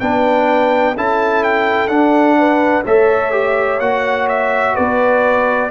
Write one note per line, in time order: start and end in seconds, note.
0.00 0.96 B3
0.00 0.95 D4
0.00 0.96 B4
0.00 0.95 G5
0.96 1.88 C#4
0.96 1.89 E4
0.96 2.39 A4
0.96 1.44 A5
1.44 1.88 G5
1.88 2.83 D4
1.88 2.84 D4
1.88 2.83 F#5
2.39 2.86 B4
2.86 3.80 A3
2.86 3.32 A4
2.86 4.75 C#5
2.86 3.80 E5
3.32 3.79 G4
3.80 4.75 A#3
3.80 5.71 F#4
3.80 4.28 F#5
4.28 4.76 E5
4.75 5.71 B3
4.75 5.70 B4
4.75 5.71 D5